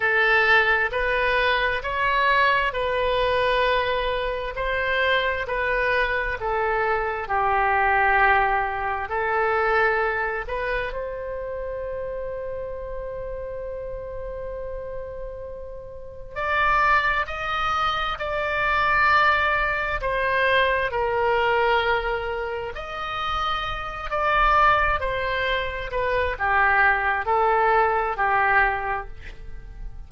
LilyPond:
\new Staff \with { instrumentName = "oboe" } { \time 4/4 \tempo 4 = 66 a'4 b'4 cis''4 b'4~ | b'4 c''4 b'4 a'4 | g'2 a'4. b'8 | c''1~ |
c''2 d''4 dis''4 | d''2 c''4 ais'4~ | ais'4 dis''4. d''4 c''8~ | c''8 b'8 g'4 a'4 g'4 | }